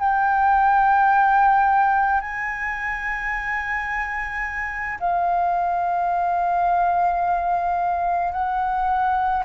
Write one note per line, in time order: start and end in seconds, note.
0.00 2.21 G5
2.21 4.99 G#5
5.00 8.33 F5
8.33 9.44 F#5